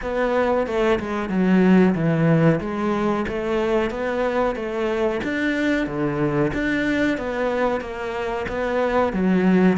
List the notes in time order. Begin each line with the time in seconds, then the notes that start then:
0.01 B3
0.66 A3
0.99 G#3
1.29 F#3
1.94 E3
2.60 G#3
3.28 A3
3.90 B3
4.55 A3
5.23 D4
5.86 D3
6.53 D4
7.17 B3
7.81 A#3
8.48 B3
9.12 F#3